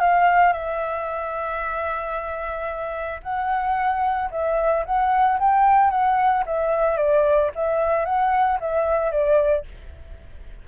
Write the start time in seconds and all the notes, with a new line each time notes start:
0.00 F5
0.52 E5
3.23 F#5
4.31 E5
4.85 F#5
5.39 G5
5.90 F#5
6.46 E5
6.97 D5
7.55 E5
8.05 F#5
8.60 E5
9.11 D5